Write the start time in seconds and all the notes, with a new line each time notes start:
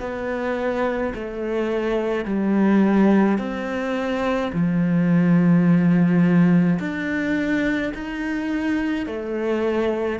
0.00 B3
1.15 A3
2.25 G3
3.39 C4
4.53 F3
6.80 D4
7.95 D#4
9.07 A3